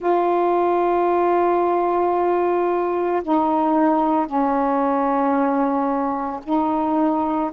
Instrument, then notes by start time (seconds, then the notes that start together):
saxophone
0.00 F4
3.23 D#4
4.26 C#4
6.43 D#4